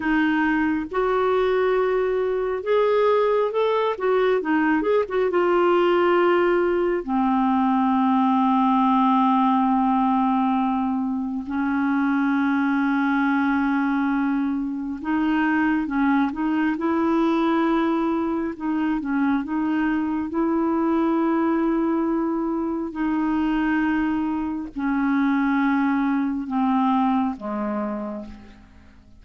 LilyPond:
\new Staff \with { instrumentName = "clarinet" } { \time 4/4 \tempo 4 = 68 dis'4 fis'2 gis'4 | a'8 fis'8 dis'8 gis'16 fis'16 f'2 | c'1~ | c'4 cis'2.~ |
cis'4 dis'4 cis'8 dis'8 e'4~ | e'4 dis'8 cis'8 dis'4 e'4~ | e'2 dis'2 | cis'2 c'4 gis4 | }